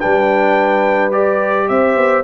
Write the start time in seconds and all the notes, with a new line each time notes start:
0.00 G3 D4 B4 G5
1.12 G4 D5
1.69 C4 C5 E5
1.96 B3